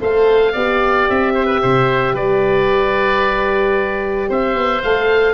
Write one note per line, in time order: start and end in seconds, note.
0.00 0.55 A3
0.00 0.54 A4
0.00 0.53 C5
0.00 1.09 F5
0.53 1.08 B3
0.53 4.84 G4
0.53 1.33 D5
1.09 1.63 C4
1.09 2.16 E5
1.34 1.46 C5
1.46 1.59 B4
1.62 2.13 C3
1.62 2.14 C5
2.13 4.28 G3
2.13 4.28 B4
2.13 4.30 D5
4.29 4.55 C4
4.29 5.33 C5
4.29 4.82 E5
4.55 4.81 B3
4.82 5.33 A3
4.82 5.33 A4
4.82 5.33 F5